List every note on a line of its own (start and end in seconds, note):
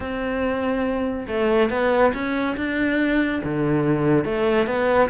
0.00 1.26 C4
1.27 1.70 A3
1.70 2.12 B3
2.13 2.56 C#4
2.56 3.42 D4
3.44 4.24 D3
4.24 4.66 A3
4.66 5.09 B3